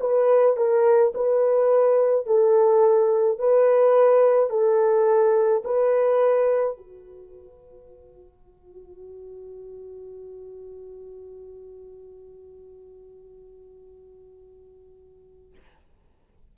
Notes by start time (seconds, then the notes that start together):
0.00 B4
0.57 A#4
1.15 B4
2.26 A4
3.39 B4
4.50 A4
5.64 B4
6.77 F#4